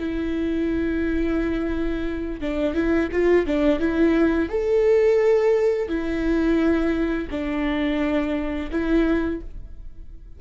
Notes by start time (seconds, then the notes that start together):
0.00 E4
2.41 D4
2.74 E4
3.12 F4
3.47 D4
3.80 E4
4.49 A4
5.89 E4
7.31 D4
8.71 E4